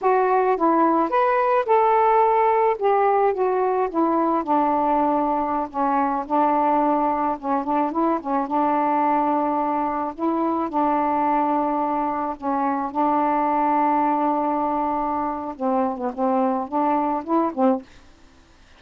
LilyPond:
\new Staff \with { instrumentName = "saxophone" } { \time 4/4 \tempo 4 = 108 fis'4 e'4 b'4 a'4~ | a'4 g'4 fis'4 e'4 | d'2~ d'16 cis'4 d'8.~ | d'4~ d'16 cis'8 d'8 e'8 cis'8 d'8.~ |
d'2~ d'16 e'4 d'8.~ | d'2~ d'16 cis'4 d'8.~ | d'1 | c'8. b16 c'4 d'4 e'8 c'8 | }